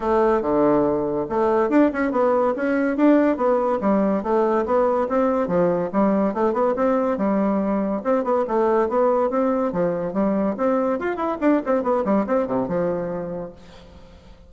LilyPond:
\new Staff \with { instrumentName = "bassoon" } { \time 4/4 \tempo 4 = 142 a4 d2 a4 | d'8 cis'8 b4 cis'4 d'4 | b4 g4 a4 b4 | c'4 f4 g4 a8 b8 |
c'4 g2 c'8 b8 | a4 b4 c'4 f4 | g4 c'4 f'8 e'8 d'8 c'8 | b8 g8 c'8 c8 f2 | }